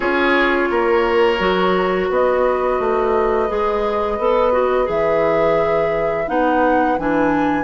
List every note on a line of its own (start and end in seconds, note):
0.00 0.69 C#4
0.00 1.38 F4
0.00 0.69 G#4
0.00 2.08 C#5
0.70 1.39 A#3
0.70 2.09 A#4
1.39 2.09 F#3
1.39 3.48 F#4
2.09 2.79 B3
2.09 7.64 B4
2.09 4.89 D#5
2.79 3.49 A3
3.48 4.18 G#3
3.48 4.18 G#4
4.18 4.88 B3
4.18 4.52 A4
4.52 4.84 F#4
4.84 6.28 E3
4.84 6.24 G#4
4.84 6.28 E5
6.27 6.98 B3
6.27 6.97 D#4
6.27 6.98 F#5
6.98 7.64 E3
6.98 7.64 D4
6.98 7.64 G#5